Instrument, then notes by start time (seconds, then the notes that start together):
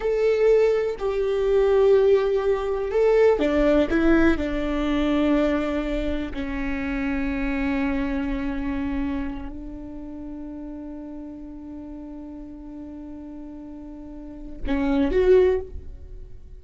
viola
0.00 A4
0.98 G4
2.91 A4
3.39 D4
3.90 E4
4.37 D4
6.33 C#4
9.49 D4
14.67 C#4
15.11 F#4